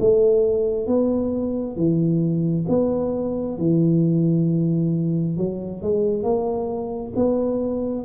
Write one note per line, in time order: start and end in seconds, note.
0.00 0.87 A3
0.87 1.76 B3
1.76 2.66 E3
2.68 3.58 B3
3.58 5.37 E3
5.37 5.82 F#3
5.82 6.23 G#3
6.23 7.13 A#3
7.15 8.04 B3